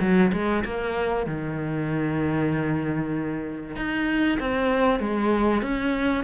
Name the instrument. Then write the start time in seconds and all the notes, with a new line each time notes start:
cello
0.00 F#3
0.32 G#3
0.64 A#3
1.26 D#3
3.76 D#4
4.39 C4
4.99 G#3
5.62 C#4